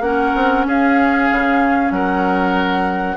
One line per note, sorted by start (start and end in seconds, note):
0.00 0.32 A#3
0.00 3.17 C#4
0.00 0.67 A#4
0.00 0.65 F#5
0.35 0.66 C4
0.66 1.29 C#4
0.66 1.93 G#4
0.66 1.92 F5
1.31 1.91 C#3
1.91 3.17 F#3
1.91 3.17 A#4
1.91 3.17 F#5